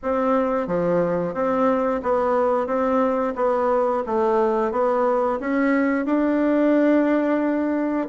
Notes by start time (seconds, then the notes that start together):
0.02 C4
0.67 F3
1.33 C4
2.02 B3
2.66 C4
3.35 B3
4.06 A3
4.71 B3
5.39 C#4
6.05 D4